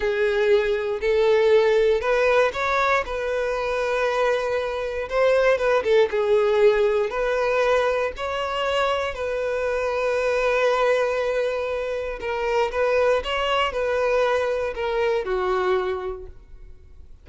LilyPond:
\new Staff \with { instrumentName = "violin" } { \time 4/4 \tempo 4 = 118 gis'2 a'2 | b'4 cis''4 b'2~ | b'2 c''4 b'8 a'8 | gis'2 b'2 |
cis''2 b'2~ | b'1 | ais'4 b'4 cis''4 b'4~ | b'4 ais'4 fis'2 | }